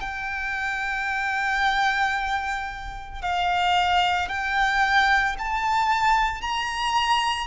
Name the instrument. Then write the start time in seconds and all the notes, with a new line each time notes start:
violin
0.00 G5
3.21 F5
4.29 G5
5.38 A5
6.41 A#5